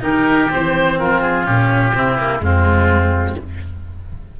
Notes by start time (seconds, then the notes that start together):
0.00 D#3 D#4 G4 A#4
0.50 E3 C4 C5
0.99 F3 F4 A#4
1.22 G#4
1.44 A#2 C#4 G4
1.94 C3 C4 E4
2.18 A#3
2.39 F2 G#3 C4 F4